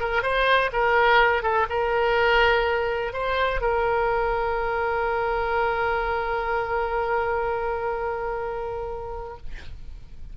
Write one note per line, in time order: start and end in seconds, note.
0.00 0.23 A#4
0.23 0.71 C5
0.73 1.43 A#4
1.43 1.67 A4
1.70 3.13 A#4
3.13 3.61 C5
3.61 9.37 A#4